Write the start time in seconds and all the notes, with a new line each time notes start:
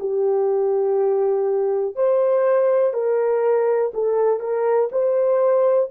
0.00 G4
1.95 C5
2.93 A#4
3.94 A4
4.40 A#4
4.92 C5